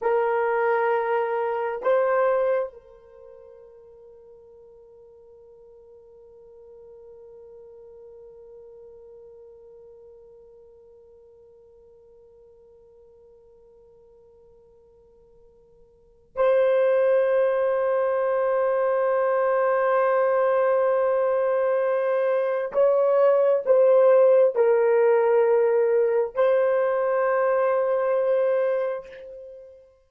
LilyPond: \new Staff \with { instrumentName = "horn" } { \time 4/4 \tempo 4 = 66 ais'2 c''4 ais'4~ | ais'1~ | ais'1~ | ais'1~ |
ais'2 c''2~ | c''1~ | c''4 cis''4 c''4 ais'4~ | ais'4 c''2. | }